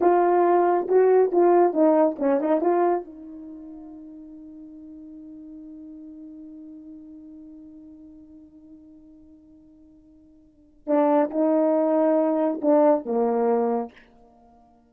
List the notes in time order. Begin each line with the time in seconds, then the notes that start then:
0.00 F4
0.87 F#4
1.32 F4
1.73 D#4
2.19 C#4
2.40 D#4
2.60 F4
3.04 D#4
10.86 D4
11.30 D#4
12.61 D4
13.05 A#3